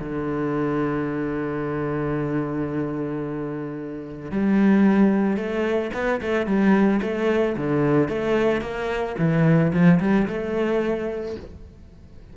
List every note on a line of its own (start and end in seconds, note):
0.00 4.32 D3
4.32 5.37 G3
5.37 5.91 A3
5.94 6.21 B3
6.22 6.47 A3
6.47 7.01 G3
7.02 7.57 A3
7.57 8.09 D3
8.09 8.62 A3
8.62 9.16 A#3
9.19 9.73 E3
9.73 10.00 F3
10.00 10.28 G3
10.28 11.36 A3